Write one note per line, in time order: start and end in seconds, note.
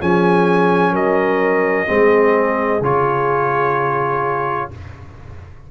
0.00 0.92 F3
0.00 1.87 C#4
0.00 0.92 G#4
0.00 0.95 G#5
0.92 1.86 F#3
0.92 1.86 A#4
0.92 2.83 D#5
1.87 2.81 G#3
1.87 2.81 C4
1.87 4.70 G#4
2.81 4.68 C#3
2.81 4.71 F4
2.81 4.71 C#5